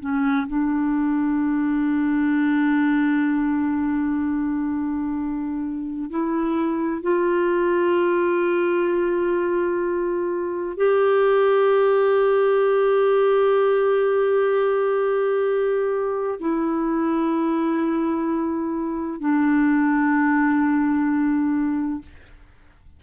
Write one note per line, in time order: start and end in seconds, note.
0.00 0.47 C#4
0.48 6.10 D4
6.10 7.02 E4
7.02 10.77 F4
10.77 16.39 G4
16.40 19.21 E4
19.21 22.02 D4